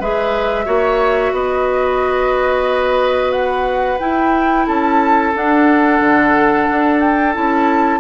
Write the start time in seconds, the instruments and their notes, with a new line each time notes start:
0.00 bassoon G#3, clarinet G#4, oboe B4, flute E5
0.66 bassoon A#3, clarinet F#4, oboe C#5
1.33 bassoon B3, oboe B4, flute D#5
3.32 flute F#5
4.00 clarinet E4, bassoon E4, flute G5
4.67 bassoon C#4, oboe A4, flute A5
5.35 bassoon D4, clarinet D4, flute F#5
6.00 bassoon D3
6.71 bassoon D4
7.00 flute G5
7.34 bassoon C#4, clarinet E4, flute A5